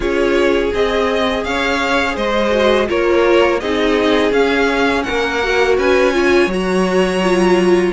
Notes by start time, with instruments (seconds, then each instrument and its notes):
0.00 cello C#4, viola F4, violin G#4 C#5
0.71 cello C4, viola G#4, violin D#5
1.44 cello C#4, violin C#5 F5
2.15 cello G#3, violin C5 D#5
2.50 viola F#4
2.87 cello A#3, viola F4, violin A#4 C#5
3.59 cello C4, viola D#4, violin G#4 D#5
4.31 cello C#4, viola C#4, violin F5
5.03 cello A#3, violin A#4 F#5
5.43 viola F#4
5.77 cello C#4, violin B4 G#5
6.12 viola F4, violin C#5
6.47 cello F#3, viola F#4
6.53 violin A#5
7.22 viola F4